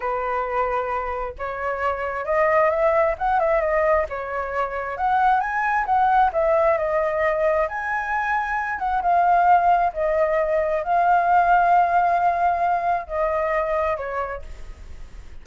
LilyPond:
\new Staff \with { instrumentName = "flute" } { \time 4/4 \tempo 4 = 133 b'2. cis''4~ | cis''4 dis''4 e''4 fis''8 e''8 | dis''4 cis''2 fis''4 | gis''4 fis''4 e''4 dis''4~ |
dis''4 gis''2~ gis''8 fis''8 | f''2 dis''2 | f''1~ | f''4 dis''2 cis''4 | }